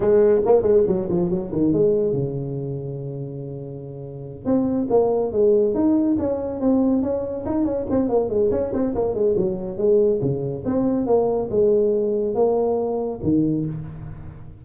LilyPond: \new Staff \with { instrumentName = "tuba" } { \time 4/4 \tempo 4 = 141 gis4 ais8 gis8 fis8 f8 fis8 dis8 | gis4 cis2.~ | cis2~ cis8 c'4 ais8~ | ais8 gis4 dis'4 cis'4 c'8~ |
c'8 cis'4 dis'8 cis'8 c'8 ais8 gis8 | cis'8 c'8 ais8 gis8 fis4 gis4 | cis4 c'4 ais4 gis4~ | gis4 ais2 dis4 | }